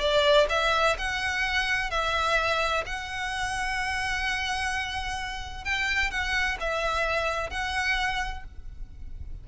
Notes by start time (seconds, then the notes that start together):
0.00 D5
0.49 E5
0.98 F#5
1.90 E5
2.86 F#5
5.64 G5
6.11 F#5
6.60 E5
7.50 F#5